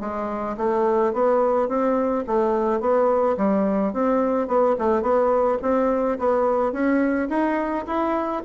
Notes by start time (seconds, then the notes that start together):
0.00 G#3
0.57 A3
1.13 B3
1.68 C4
2.27 A3
2.80 B3
3.37 G3
3.93 C4
4.48 B3
4.78 A3
5.02 B3
5.62 C4
6.19 B3
6.72 C#4
7.29 D#4
7.87 E4